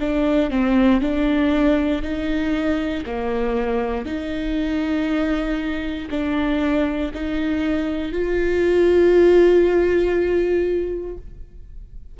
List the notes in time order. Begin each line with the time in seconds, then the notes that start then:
0.00 D4
0.50 C4
1.01 D4
2.02 D#4
3.06 A#3
4.05 D#4
6.10 D4
7.14 D#4
8.13 F4